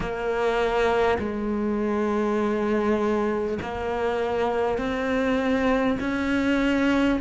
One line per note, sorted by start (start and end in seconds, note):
0.00 1.17 A#3
1.18 3.58 G#3
3.62 4.77 A#3
4.77 5.97 C4
6.00 7.20 C#4